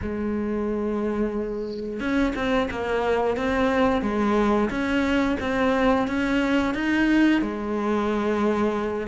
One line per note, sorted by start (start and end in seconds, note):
0.02 1.99 G#3
1.99 2.33 C#4
2.35 2.69 C4
2.70 3.36 A#3
3.36 4.02 C4
4.02 4.69 G#3
4.69 5.37 C#4
5.40 6.07 C4
6.07 6.74 C#4
6.74 7.41 D#4
7.41 9.07 G#3